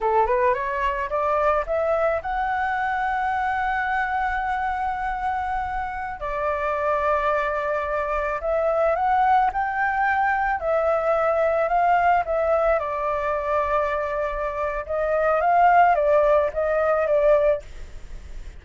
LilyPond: \new Staff \with { instrumentName = "flute" } { \time 4/4 \tempo 4 = 109 a'8 b'8 cis''4 d''4 e''4 | fis''1~ | fis''2.~ fis''16 d''8.~ | d''2.~ d''16 e''8.~ |
e''16 fis''4 g''2 e''8.~ | e''4~ e''16 f''4 e''4 d''8.~ | d''2. dis''4 | f''4 d''4 dis''4 d''4 | }